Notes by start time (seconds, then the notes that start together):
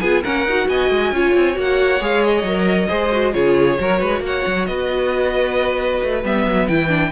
0.00 B3 F4 G#4 G#5
0.23 A#3 C#4 A#4 F#5
0.46 D#4 F#4
0.68 B3 D#5 G#5
0.90 G#3
1.12 C#4 F4 C#5
1.35 C4
1.54 A#3 F#4
1.61 F#5
2.01 G#3 G#4 F5
2.25 D#5
2.43 F#3 A#4
2.89 G#3 G#4 C5
3.13 F#4
3.33 C#3 F4 G#4 C#5
3.80 F#3 F#4 A#4
4.00 G#3 B4
4.21 A#3 C#5 F#5
4.47 F#3
4.66 B3 B4 D#5
6.04 A3
6.24 G3 B3 E5
6.46 F#3
6.69 E3 E4 G5
6.89 D4